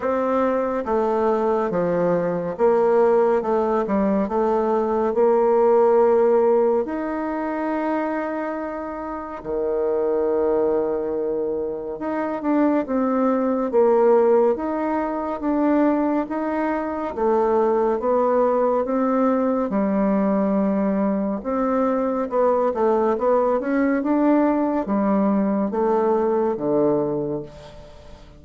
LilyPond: \new Staff \with { instrumentName = "bassoon" } { \time 4/4 \tempo 4 = 70 c'4 a4 f4 ais4 | a8 g8 a4 ais2 | dis'2. dis4~ | dis2 dis'8 d'8 c'4 |
ais4 dis'4 d'4 dis'4 | a4 b4 c'4 g4~ | g4 c'4 b8 a8 b8 cis'8 | d'4 g4 a4 d4 | }